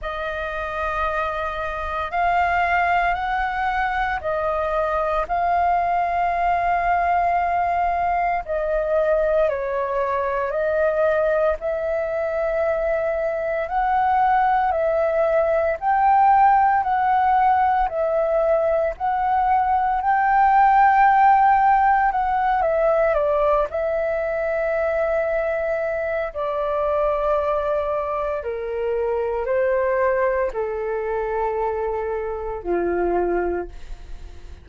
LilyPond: \new Staff \with { instrumentName = "flute" } { \time 4/4 \tempo 4 = 57 dis''2 f''4 fis''4 | dis''4 f''2. | dis''4 cis''4 dis''4 e''4~ | e''4 fis''4 e''4 g''4 |
fis''4 e''4 fis''4 g''4~ | g''4 fis''8 e''8 d''8 e''4.~ | e''4 d''2 ais'4 | c''4 a'2 f'4 | }